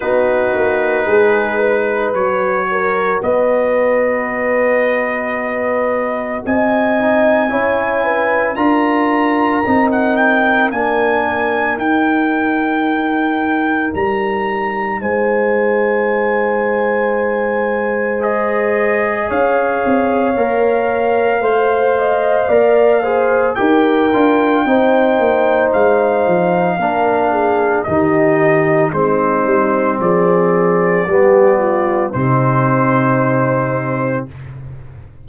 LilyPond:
<<
  \new Staff \with { instrumentName = "trumpet" } { \time 4/4 \tempo 4 = 56 b'2 cis''4 dis''4~ | dis''2 gis''2 | ais''4~ ais''16 fis''16 g''8 gis''4 g''4~ | g''4 ais''4 gis''2~ |
gis''4 dis''4 f''2~ | f''2 g''2 | f''2 dis''4 c''4 | d''2 c''2 | }
  \new Staff \with { instrumentName = "horn" } { \time 4/4 fis'4 gis'8 b'4 ais'8 b'4~ | b'2 dis''4 cis''8 b'8 | ais'1~ | ais'2 c''2~ |
c''2 cis''2 | c''8 dis''8 d''8 c''8 ais'4 c''4~ | c''4 ais'8 gis'8 g'4 dis'4 | gis'4 g'8 f'8 dis'2 | }
  \new Staff \with { instrumentName = "trombone" } { \time 4/4 dis'2 fis'2~ | fis'2~ fis'8 dis'8 e'4 | f'4 dis'4 d'4 dis'4~ | dis'1~ |
dis'4 gis'2 ais'4 | c''4 ais'8 gis'8 g'8 f'8 dis'4~ | dis'4 d'4 dis'4 c'4~ | c'4 b4 c'2 | }
  \new Staff \with { instrumentName = "tuba" } { \time 4/4 b8 ais8 gis4 fis4 b4~ | b2 c'4 cis'4 | d'4 c'4 ais4 dis'4~ | dis'4 g4 gis2~ |
gis2 cis'8 c'8 ais4 | a4 ais4 dis'8 d'8 c'8 ais8 | gis8 f8 ais4 dis4 gis8 g8 | f4 g4 c2 | }
>>